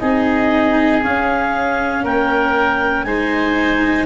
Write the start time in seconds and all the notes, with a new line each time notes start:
0.00 C4 D#4 G#4 D#5
1.03 C#4 F5
2.04 A#3 A#4 G5
3.04 G#3 D#4 C5 G#5